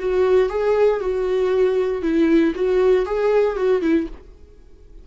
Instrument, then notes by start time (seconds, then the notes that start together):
viola
0.00 F#4
0.50 G#4
1.01 F#4
2.03 E4
2.56 F#4
3.06 G#4
3.57 F#4
3.82 E4